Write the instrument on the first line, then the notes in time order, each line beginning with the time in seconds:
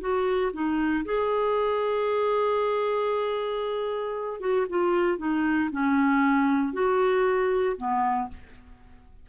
clarinet
0.00 F#4
0.53 D#4
1.05 G#4
4.40 F#4
4.69 F4
5.18 D#4
5.72 C#4
6.73 F#4
7.77 B3